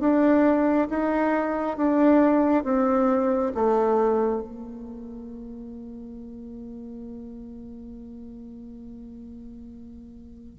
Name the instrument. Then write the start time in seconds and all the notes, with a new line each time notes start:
bassoon
0.00 D4
0.89 D#4
1.77 D4
2.64 C4
3.55 A3
4.42 A#3